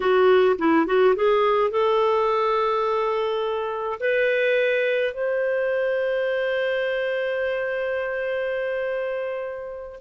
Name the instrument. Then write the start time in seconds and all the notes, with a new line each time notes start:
clarinet
0.00 F#4
0.58 E4
0.86 F#4
1.15 G#4
1.70 A4
3.99 B4
5.13 C5